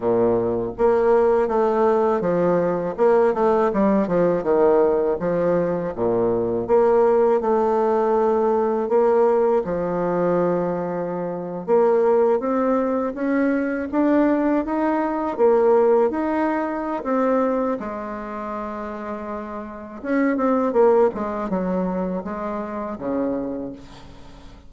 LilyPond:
\new Staff \with { instrumentName = "bassoon" } { \time 4/4 \tempo 4 = 81 ais,4 ais4 a4 f4 | ais8 a8 g8 f8 dis4 f4 | ais,4 ais4 a2 | ais4 f2~ f8. ais16~ |
ais8. c'4 cis'4 d'4 dis'16~ | dis'8. ais4 dis'4~ dis'16 c'4 | gis2. cis'8 c'8 | ais8 gis8 fis4 gis4 cis4 | }